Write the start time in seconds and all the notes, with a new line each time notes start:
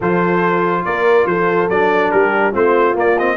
0.00 F3 F4 A4 C5
0.85 A#3 A#4 D5
1.25 F3 A4 C5
1.69 F#3 D4 D5
2.11 G3 G4 A#4
2.51 A3 C4 F4 C5
2.94 A#3 D5
3.18 C4 D#5